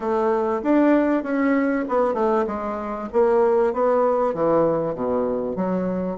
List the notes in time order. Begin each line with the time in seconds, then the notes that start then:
0.00 A3
0.62 D4
1.23 C#4
1.88 B3
2.14 A3
2.47 G#3
3.12 A#3
3.73 B3
4.34 E3
4.94 B2
5.56 F#3